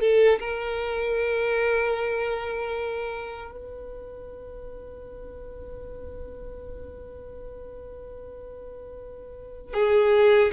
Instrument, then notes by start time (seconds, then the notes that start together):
violin
0.00 A4
0.39 A#4
3.51 B4
9.73 G#4